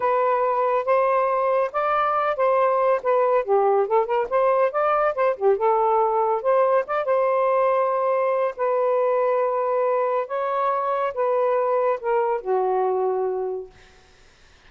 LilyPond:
\new Staff \with { instrumentName = "saxophone" } { \time 4/4 \tempo 4 = 140 b'2 c''2 | d''4. c''4. b'4 | g'4 a'8 ais'8 c''4 d''4 | c''8 g'8 a'2 c''4 |
d''8 c''2.~ c''8 | b'1 | cis''2 b'2 | ais'4 fis'2. | }